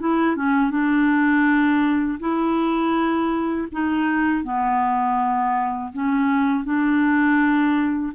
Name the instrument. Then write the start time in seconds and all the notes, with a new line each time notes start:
clarinet
0.00 E4
0.36 C#4
0.71 D4
2.20 E4
3.72 D#4
4.44 B3
5.93 C#4
6.65 D4